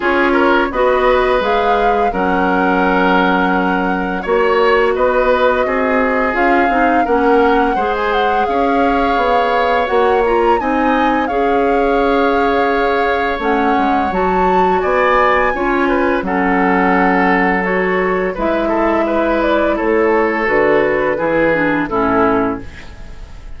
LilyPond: <<
  \new Staff \with { instrumentName = "flute" } { \time 4/4 \tempo 4 = 85 cis''4 dis''4 f''4 fis''4~ | fis''2 cis''4 dis''4~ | dis''4 f''4 fis''4~ fis''16 gis''16 fis''8 | f''2 fis''8 ais''8 gis''4 |
f''2. fis''4 | a''4 gis''2 fis''4~ | fis''4 cis''4 e''4. d''8 | cis''4 b'2 a'4 | }
  \new Staff \with { instrumentName = "oboe" } { \time 4/4 gis'8 ais'8 b'2 ais'4~ | ais'2 cis''4 b'4 | gis'2 ais'4 c''4 | cis''2. dis''4 |
cis''1~ | cis''4 d''4 cis''8 b'8 a'4~ | a'2 b'8 a'8 b'4 | a'2 gis'4 e'4 | }
  \new Staff \with { instrumentName = "clarinet" } { \time 4/4 f'4 fis'4 gis'4 cis'4~ | cis'2 fis'2~ | fis'4 f'8 dis'8 cis'4 gis'4~ | gis'2 fis'8 f'8 dis'4 |
gis'2. cis'4 | fis'2 f'4 cis'4~ | cis'4 fis'4 e'2~ | e'4 fis'4 e'8 d'8 cis'4 | }
  \new Staff \with { instrumentName = "bassoon" } { \time 4/4 cis'4 b4 gis4 fis4~ | fis2 ais4 b4 | c'4 cis'8 c'8 ais4 gis4 | cis'4 b4 ais4 c'4 |
cis'2. a8 gis8 | fis4 b4 cis'4 fis4~ | fis2 gis2 | a4 d4 e4 a,4 | }
>>